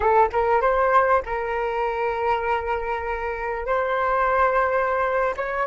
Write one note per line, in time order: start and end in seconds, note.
0.00 0.28 A4
0.32 0.61 A#4
0.61 1.22 C5
1.25 3.66 A#4
3.66 5.34 C5
5.36 5.66 C#5